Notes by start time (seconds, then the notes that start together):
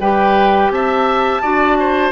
0.00 G3 G4 B4 G5
0.70 C4 E5 A5
1.42 D4 F#4 D5
1.80 C5